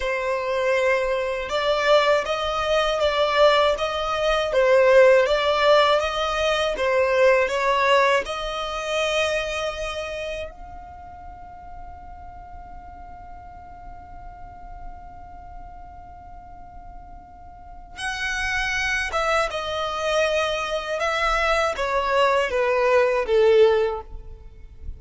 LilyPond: \new Staff \with { instrumentName = "violin" } { \time 4/4 \tempo 4 = 80 c''2 d''4 dis''4 | d''4 dis''4 c''4 d''4 | dis''4 c''4 cis''4 dis''4~ | dis''2 f''2~ |
f''1~ | f''1 | fis''4. e''8 dis''2 | e''4 cis''4 b'4 a'4 | }